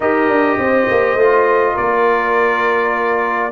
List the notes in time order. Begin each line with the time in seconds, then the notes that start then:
0.00 D#4 G4 A#4 D#5
0.27 D4
0.57 C4 C5
0.90 A#3
1.15 A3 F4
1.74 A#3 A#4 D5